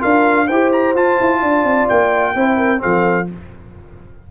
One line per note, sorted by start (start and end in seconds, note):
0.00 0.50 D4
0.00 0.47 F4
0.00 0.46 A#4
0.00 0.48 F5
0.46 0.95 E4
0.46 0.96 G4
0.46 1.39 C5
0.46 0.71 G5
0.73 0.96 A#5
0.95 1.18 F4
0.95 2.36 F4
0.95 1.89 A5
1.21 1.43 E4
1.42 1.64 D4
1.42 2.35 D5
1.64 1.87 C4
1.89 2.36 A#3
1.89 2.82 G5
2.36 2.82 C4
2.36 2.78 E4
2.36 2.57 C5
2.57 2.81 A#4
2.78 3.25 C4
2.78 3.29 A4
2.78 3.29 F5
2.85 3.32 F3